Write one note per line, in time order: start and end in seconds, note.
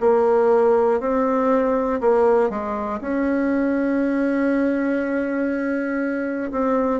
0.00 1.00 A#3
1.00 2.00 C4
2.00 2.49 A#3
2.49 2.99 G#3
3.01 6.51 C#4
6.51 7.00 C4